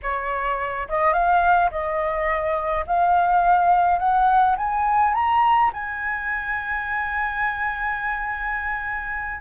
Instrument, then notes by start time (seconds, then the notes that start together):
flute
0.02 C#5
0.88 D#5
1.13 F5
1.70 D#5
2.86 F5
3.98 F#5
4.57 G#5
5.14 A#5
5.73 G#5